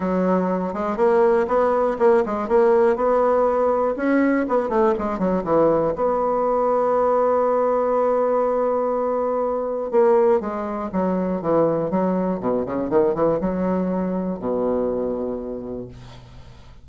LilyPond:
\new Staff \with { instrumentName = "bassoon" } { \time 4/4 \tempo 4 = 121 fis4. gis8 ais4 b4 | ais8 gis8 ais4 b2 | cis'4 b8 a8 gis8 fis8 e4 | b1~ |
b1 | ais4 gis4 fis4 e4 | fis4 b,8 cis8 dis8 e8 fis4~ | fis4 b,2. | }